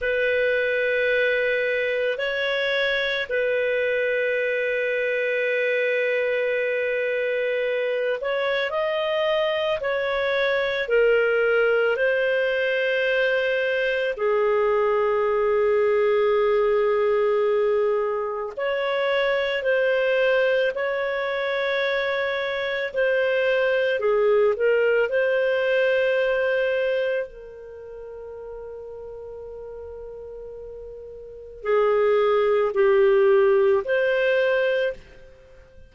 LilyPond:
\new Staff \with { instrumentName = "clarinet" } { \time 4/4 \tempo 4 = 55 b'2 cis''4 b'4~ | b'2.~ b'8 cis''8 | dis''4 cis''4 ais'4 c''4~ | c''4 gis'2.~ |
gis'4 cis''4 c''4 cis''4~ | cis''4 c''4 gis'8 ais'8 c''4~ | c''4 ais'2.~ | ais'4 gis'4 g'4 c''4 | }